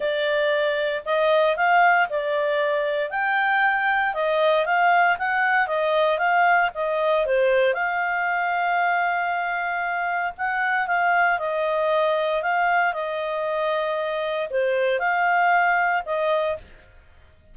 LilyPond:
\new Staff \with { instrumentName = "clarinet" } { \time 4/4 \tempo 4 = 116 d''2 dis''4 f''4 | d''2 g''2 | dis''4 f''4 fis''4 dis''4 | f''4 dis''4 c''4 f''4~ |
f''1 | fis''4 f''4 dis''2 | f''4 dis''2. | c''4 f''2 dis''4 | }